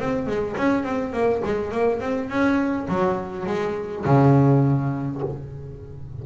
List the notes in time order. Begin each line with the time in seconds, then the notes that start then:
0.00 C4
0.27 G#3
0.57 C#4
0.84 C4
1.13 A#3
1.45 G#3
1.72 A#3
2.00 C4
2.30 C#4
2.89 F#3
3.47 G#3
4.05 C#3